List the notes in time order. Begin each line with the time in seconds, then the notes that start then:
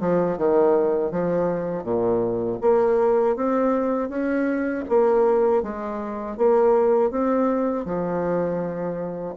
0.00 F3
0.38 D#3
1.11 F3
1.84 A#2
2.61 A#3
3.36 C4
4.09 C#4
4.89 A#3
5.63 G#3
6.37 A#3
7.11 C4
7.85 F3